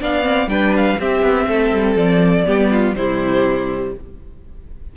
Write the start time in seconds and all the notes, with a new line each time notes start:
0.00 B3 D4 D5 F5
0.22 C4
0.46 G3 D4 B4 G5
0.76 F5
0.99 C4 G4 E5
1.22 B3
1.47 A3 A4
1.72 G3
1.95 F3 D5
2.45 G3 B3 G4
2.71 F4
2.95 C3 G3 E4 C5